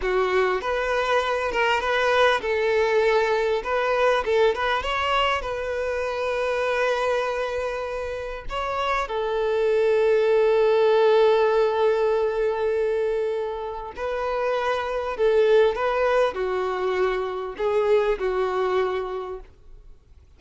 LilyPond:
\new Staff \with { instrumentName = "violin" } { \time 4/4 \tempo 4 = 99 fis'4 b'4. ais'8 b'4 | a'2 b'4 a'8 b'8 | cis''4 b'2.~ | b'2 cis''4 a'4~ |
a'1~ | a'2. b'4~ | b'4 a'4 b'4 fis'4~ | fis'4 gis'4 fis'2 | }